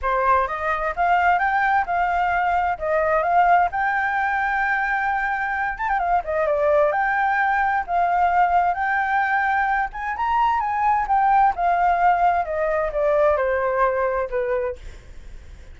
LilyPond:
\new Staff \with { instrumentName = "flute" } { \time 4/4 \tempo 4 = 130 c''4 dis''4 f''4 g''4 | f''2 dis''4 f''4 | g''1~ | g''8 a''16 g''16 f''8 dis''8 d''4 g''4~ |
g''4 f''2 g''4~ | g''4. gis''8 ais''4 gis''4 | g''4 f''2 dis''4 | d''4 c''2 b'4 | }